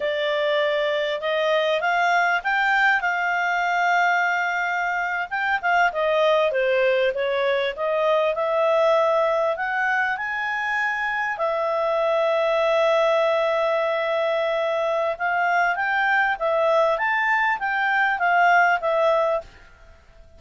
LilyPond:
\new Staff \with { instrumentName = "clarinet" } { \time 4/4 \tempo 4 = 99 d''2 dis''4 f''4 | g''4 f''2.~ | f''8. g''8 f''8 dis''4 c''4 cis''16~ | cis''8. dis''4 e''2 fis''16~ |
fis''8. gis''2 e''4~ e''16~ | e''1~ | e''4 f''4 g''4 e''4 | a''4 g''4 f''4 e''4 | }